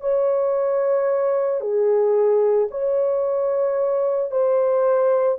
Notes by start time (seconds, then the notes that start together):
0.00 C#5
1.61 G#4
2.71 C#5
4.31 C5